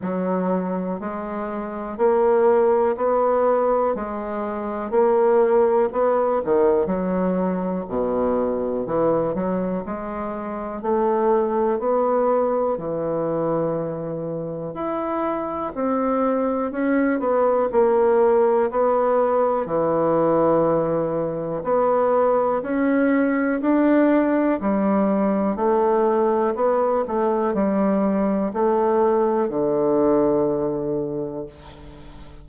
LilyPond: \new Staff \with { instrumentName = "bassoon" } { \time 4/4 \tempo 4 = 61 fis4 gis4 ais4 b4 | gis4 ais4 b8 dis8 fis4 | b,4 e8 fis8 gis4 a4 | b4 e2 e'4 |
c'4 cis'8 b8 ais4 b4 | e2 b4 cis'4 | d'4 g4 a4 b8 a8 | g4 a4 d2 | }